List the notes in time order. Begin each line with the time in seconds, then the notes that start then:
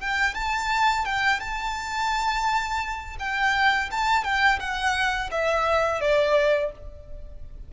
0.00 G5
0.34 A5
1.05 G5
1.40 A5
3.19 G5
3.91 A5
4.24 G5
4.59 F#5
5.31 E5
6.01 D5